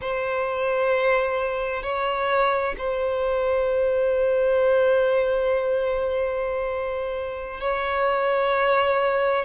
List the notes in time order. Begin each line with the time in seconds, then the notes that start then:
0.01 C5
1.82 C#5
2.77 C5
7.60 C#5